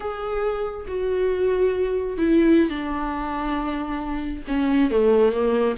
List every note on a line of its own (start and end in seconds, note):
0.00 0.86 G#4
0.87 2.17 F#4
2.17 2.69 E4
2.69 4.43 D4
4.47 4.90 C#4
4.90 5.32 A3
5.32 5.75 A#3